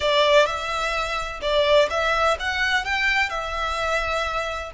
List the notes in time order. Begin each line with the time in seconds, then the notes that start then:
0.00 D5
0.46 E5
1.41 D5
1.89 E5
2.39 F#5
2.85 G5
3.29 E5